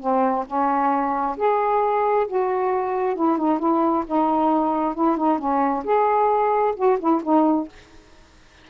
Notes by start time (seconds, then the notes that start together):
0.00 C4
0.46 C#4
1.37 G#4
2.27 F#4
3.15 E4
3.38 D#4
3.59 E4
4.06 D#4
4.95 E4
5.17 D#4
5.38 C#4
5.84 G#4
6.76 F#4
6.99 E4
7.23 D#4